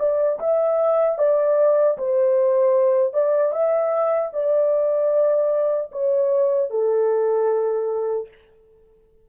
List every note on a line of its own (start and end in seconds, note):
0.00 0.39 D5
0.40 1.19 E5
1.19 1.98 D5
1.98 3.14 C5
3.14 3.52 D5
3.52 4.31 E5
4.33 5.91 D5
5.92 6.71 C#5
6.71 8.29 A4